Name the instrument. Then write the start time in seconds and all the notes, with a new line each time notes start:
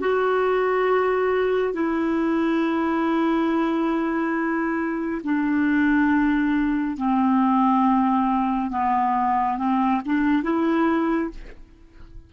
clarinet
0.00 F#4
1.74 E4
5.24 D4
6.97 C4
8.71 B3
9.58 C4
10.06 D4
10.43 E4